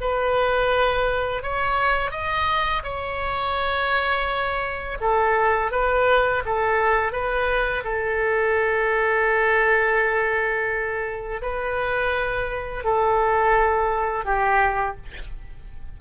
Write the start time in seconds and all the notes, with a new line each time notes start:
0.00 B4
1.42 C#5
2.11 D#5
2.83 C#5
5.00 A4
5.71 B4
6.45 A4
7.12 B4
7.84 A4
11.42 B4
12.84 A4
14.24 G4